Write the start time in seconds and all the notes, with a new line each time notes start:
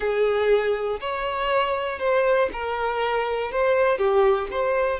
0.00 G#4
1.00 C#5
1.99 C5
2.52 A#4
3.51 C5
3.98 G4
4.50 C5